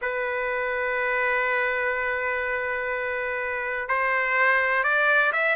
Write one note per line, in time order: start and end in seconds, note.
0.01 3.88 B4
3.88 4.83 C5
4.83 5.31 D5
5.32 5.55 E5